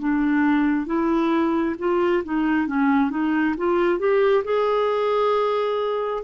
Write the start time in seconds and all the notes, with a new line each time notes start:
0.00 D4
0.86 E4
1.79 F4
2.24 D#4
2.67 C#4
3.11 D#4
3.58 F4
3.99 G4
4.45 G#4